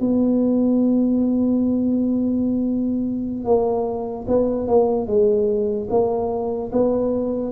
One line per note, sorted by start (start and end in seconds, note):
0.00 3.45 B3
3.45 4.26 A#3
4.28 4.67 B3
4.67 5.07 A#3
5.07 5.88 G#3
5.90 6.71 A#3
6.72 7.52 B3